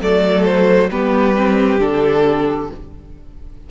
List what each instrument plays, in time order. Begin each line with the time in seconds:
0.00 cello F#3, viola A3, violin A4 D5
0.45 violin C5
0.90 cello G3, viola B3, violin G4 B4
1.36 viola C4
1.79 cello D3, viola D4, violin A4